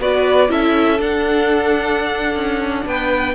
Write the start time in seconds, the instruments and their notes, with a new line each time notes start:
0.00 cello B3, viola F#4, violin B4 D5
0.48 cello C#4, viola E4, violin A4 E5
0.99 viola D4, cello D4, violin F#5
2.36 cello C#4
2.86 cello B3, violin B4 G5